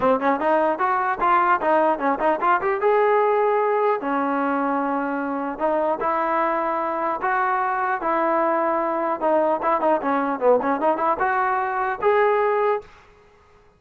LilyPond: \new Staff \with { instrumentName = "trombone" } { \time 4/4 \tempo 4 = 150 c'8 cis'8 dis'4 fis'4 f'4 | dis'4 cis'8 dis'8 f'8 g'8 gis'4~ | gis'2 cis'2~ | cis'2 dis'4 e'4~ |
e'2 fis'2 | e'2. dis'4 | e'8 dis'8 cis'4 b8 cis'8 dis'8 e'8 | fis'2 gis'2 | }